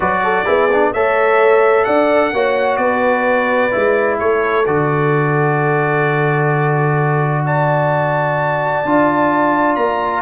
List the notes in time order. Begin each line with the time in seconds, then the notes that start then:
0.00 F#3 F#4 B4 D5
0.23 A4
0.45 B3 E4 G#4
0.72 D4
0.93 A3 A4 C#5 E5
1.84 D4 D5 F#5
2.32 A#3 F#4 C#5
2.76 B3 B4 D5
3.71 G#3 E4
4.19 A3 A4 C#5
4.65 D3 F#4 D5
7.45 D5 A5
8.84 D4 F4
9.75 A#3 A#5